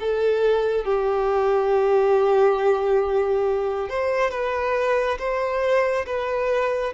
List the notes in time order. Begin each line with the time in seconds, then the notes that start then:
0.00 A4
0.85 G4
3.89 C5
4.31 B4
5.19 C5
6.06 B4